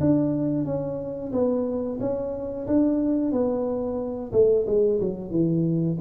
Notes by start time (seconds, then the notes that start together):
0.00 D4
0.65 C#4
1.32 B3
2.00 C#4
2.67 D4
3.32 B3
4.32 A3
4.66 G#3
5.00 F#3
5.31 E3